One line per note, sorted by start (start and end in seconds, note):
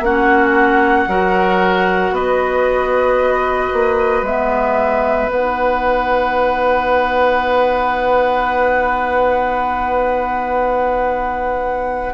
0.00 1.05 A#3
0.00 1.09 C#4
0.00 1.09 F#4
0.00 2.14 F#5
1.07 2.11 F#3
1.07 4.25 F#4
1.07 2.14 A#4
2.11 3.69 B3
2.11 12.14 B4
2.11 4.25 D#5
3.73 4.22 A#3
4.22 5.27 G#3
4.22 5.31 B3
4.22 5.30 E5
5.30 12.14 B3
5.30 12.14 D#4
5.30 12.14 F#5